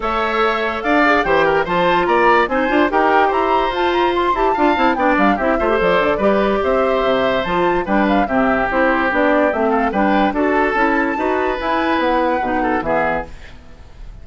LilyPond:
<<
  \new Staff \with { instrumentName = "flute" } { \time 4/4 \tempo 4 = 145 e''2 f''4 g''4 | a''4 ais''4 gis''4 g''4 | ais''4 a''8 ais''8 c'''8 a''4. | g''8 f''8 e''4 d''2 |
e''2 a''4 g''8 f''8 | e''4 c''4 d''4 e''8 f''8 | g''4 a''2. | gis''4 fis''2 e''4 | }
  \new Staff \with { instrumentName = "oboe" } { \time 4/4 cis''2 d''4 c''8 ais'8 | c''4 d''4 c''4 ais'4 | c''2. f''4 | d''4 g'8 c''4. b'4 |
c''2. b'4 | g'2.~ g'8 a'8 | b'4 a'2 b'4~ | b'2~ b'8 a'8 gis'4 | }
  \new Staff \with { instrumentName = "clarinet" } { \time 4/4 a'2~ a'8 gis'8 g'4 | f'2 dis'8 f'8 g'4~ | g'4 f'4. g'8 f'8 e'8 | d'4 e'8 f'16 g'16 a'4 g'4~ |
g'2 f'4 d'4 | c'4 e'4 d'4 c'4 | d'4 fis'4 e'4 fis'4 | e'2 dis'4 b4 | }
  \new Staff \with { instrumentName = "bassoon" } { \time 4/4 a2 d'4 e4 | f4 ais4 c'8 d'8 dis'4 | e'4 f'4. e'8 d'8 c'8 | b8 g8 c'8 a8 f8 d8 g4 |
c'4 c4 f4 g4 | c4 c'4 b4 a4 | g4 d'4 cis'4 dis'4 | e'4 b4 b,4 e4 | }
>>